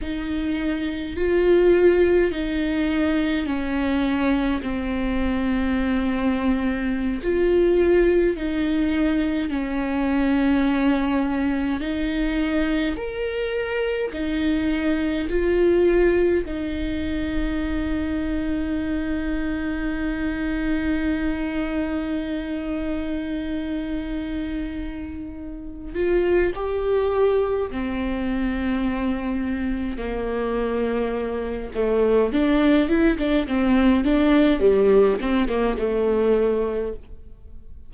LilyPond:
\new Staff \with { instrumentName = "viola" } { \time 4/4 \tempo 4 = 52 dis'4 f'4 dis'4 cis'4 | c'2~ c'16 f'4 dis'8.~ | dis'16 cis'2 dis'4 ais'8.~ | ais'16 dis'4 f'4 dis'4.~ dis'16~ |
dis'1~ | dis'2~ dis'8 f'8 g'4 | c'2 ais4. a8 | d'8 e'16 d'16 c'8 d'8 g8 c'16 ais16 a4 | }